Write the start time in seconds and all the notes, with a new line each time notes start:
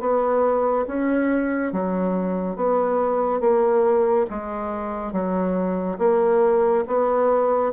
0.00 B3
0.86 C#4
1.72 F#3
2.56 B3
3.40 A#3
4.30 G#3
5.12 F#3
5.98 A#3
6.87 B3